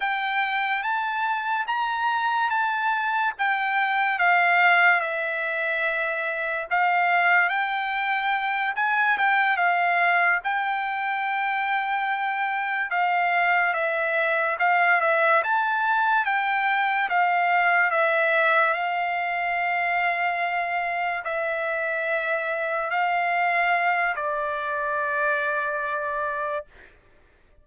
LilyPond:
\new Staff \with { instrumentName = "trumpet" } { \time 4/4 \tempo 4 = 72 g''4 a''4 ais''4 a''4 | g''4 f''4 e''2 | f''4 g''4. gis''8 g''8 f''8~ | f''8 g''2. f''8~ |
f''8 e''4 f''8 e''8 a''4 g''8~ | g''8 f''4 e''4 f''4.~ | f''4. e''2 f''8~ | f''4 d''2. | }